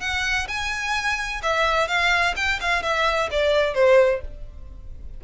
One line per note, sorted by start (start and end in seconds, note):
0.00 0.47 F#5
0.47 1.41 G#5
1.42 1.87 E5
1.87 2.34 F5
2.36 2.60 G5
2.60 2.82 F5
2.82 3.29 E5
3.31 3.74 D5
3.74 4.21 C5